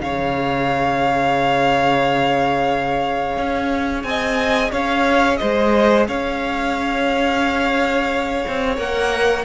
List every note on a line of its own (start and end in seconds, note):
0.00 3.37 C#3
0.00 8.76 G#4
0.00 4.08 C#5
0.00 4.03 F5
3.37 4.04 C#4
4.03 4.71 C4
4.03 4.71 D#5
4.03 4.71 G#5
4.71 5.40 C#4
4.71 5.39 C#5
4.71 5.37 F5
5.37 6.08 G#3
5.37 6.08 C5
5.37 6.04 D#5
6.08 8.44 C#4
6.08 9.45 C#5
6.08 8.77 F5
8.48 8.78 C4
8.77 9.45 A#3
8.77 9.44 A#4
8.77 9.45 F#5